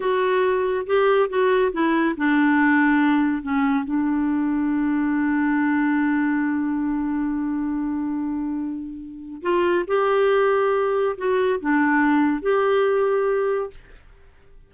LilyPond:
\new Staff \with { instrumentName = "clarinet" } { \time 4/4 \tempo 4 = 140 fis'2 g'4 fis'4 | e'4 d'2. | cis'4 d'2.~ | d'1~ |
d'1~ | d'2 f'4 g'4~ | g'2 fis'4 d'4~ | d'4 g'2. | }